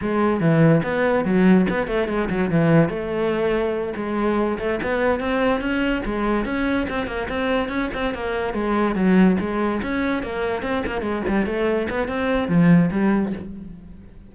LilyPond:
\new Staff \with { instrumentName = "cello" } { \time 4/4 \tempo 4 = 144 gis4 e4 b4 fis4 | b8 a8 gis8 fis8 e4 a4~ | a4. gis4. a8 b8~ | b8 c'4 cis'4 gis4 cis'8~ |
cis'8 c'8 ais8 c'4 cis'8 c'8 ais8~ | ais8 gis4 fis4 gis4 cis'8~ | cis'8 ais4 c'8 ais8 gis8 g8 a8~ | a8 b8 c'4 f4 g4 | }